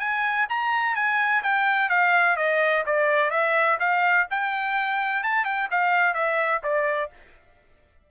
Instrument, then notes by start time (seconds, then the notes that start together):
trumpet
0.00 G#5
0.49 A#5
0.96 G#5
1.43 G5
1.89 F5
2.37 D#5
2.86 D5
3.31 E5
3.80 F5
4.31 G5
5.24 A5
5.45 G5
5.71 F5
6.15 E5
6.63 D5